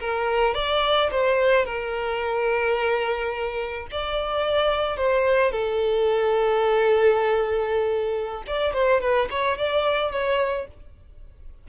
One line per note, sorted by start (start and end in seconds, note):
0.00 0.54 A#4
0.54 1.10 D5
1.11 1.65 C5
1.65 3.87 A#4
3.91 4.97 D5
4.97 5.52 C5
5.52 8.43 A4
8.47 8.73 D5
8.73 9.01 C5
9.01 9.29 B4
9.31 9.58 C#5
9.58 10.11 D5
10.11 10.67 C#5